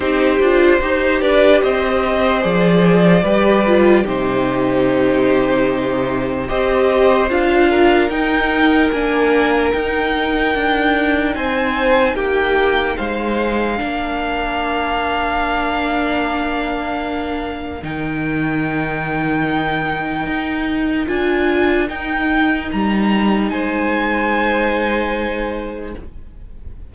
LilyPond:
<<
  \new Staff \with { instrumentName = "violin" } { \time 4/4 \tempo 4 = 74 c''4. d''8 dis''4 d''4~ | d''4 c''2. | dis''4 f''4 g''4 gis''4 | g''2 gis''4 g''4 |
f''1~ | f''2 g''2~ | g''2 gis''4 g''4 | ais''4 gis''2. | }
  \new Staff \with { instrumentName = "violin" } { \time 4/4 g'4 c''8 b'8 c''2 | b'4 g'2. | c''4. ais'2~ ais'8~ | ais'2 c''4 g'4 |
c''4 ais'2.~ | ais'1~ | ais'1~ | ais'4 c''2. | }
  \new Staff \with { instrumentName = "viola" } { \time 4/4 dis'8 f'8 g'2 gis'4 | g'8 f'8 dis'2. | g'4 f'4 dis'4 d'4 | dis'1~ |
dis'4 d'2.~ | d'2 dis'2~ | dis'2 f'4 dis'4~ | dis'1 | }
  \new Staff \with { instrumentName = "cello" } { \time 4/4 c'8 d'8 dis'8 d'8 c'4 f4 | g4 c2. | c'4 d'4 dis'4 ais4 | dis'4 d'4 c'4 ais4 |
gis4 ais2.~ | ais2 dis2~ | dis4 dis'4 d'4 dis'4 | g4 gis2. | }
>>